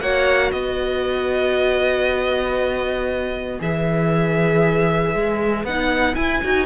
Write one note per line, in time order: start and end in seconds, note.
0.00 0.51 A#3
0.00 3.59 F#4
0.00 0.53 C#5
0.00 0.51 F#5
0.51 3.60 B3
0.51 6.65 B4
0.51 3.59 D#5
3.59 5.14 E3
3.59 5.64 G#4
3.59 5.65 E5
5.14 5.64 G#3
5.64 6.15 B3
5.64 6.16 D#4
5.64 6.15 F#5
6.15 6.41 E4
6.15 6.42 E4
6.15 6.65 G#5
6.43 6.65 D#4
6.43 6.65 F#4